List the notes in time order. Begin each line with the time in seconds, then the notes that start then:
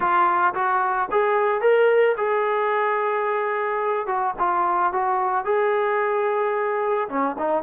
0.00 F4
0.54 F#4
1.11 G#4
1.61 A#4
2.17 G#4
4.07 F#4
4.38 F4
4.92 F#4
5.44 G#4
7.08 C#4
7.38 D#4